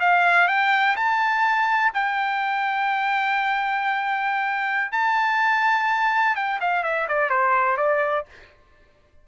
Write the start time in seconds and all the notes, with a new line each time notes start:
0.00 F5
0.48 G5
0.96 A5
1.94 G5
4.92 A5
6.36 G5
6.61 F5
6.84 E5
7.08 D5
7.30 C5
7.77 D5